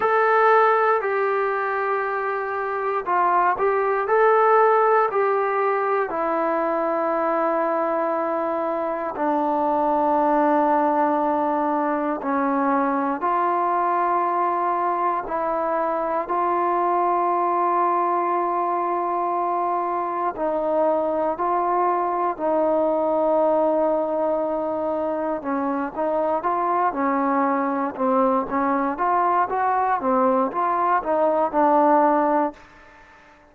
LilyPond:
\new Staff \with { instrumentName = "trombone" } { \time 4/4 \tempo 4 = 59 a'4 g'2 f'8 g'8 | a'4 g'4 e'2~ | e'4 d'2. | cis'4 f'2 e'4 |
f'1 | dis'4 f'4 dis'2~ | dis'4 cis'8 dis'8 f'8 cis'4 c'8 | cis'8 f'8 fis'8 c'8 f'8 dis'8 d'4 | }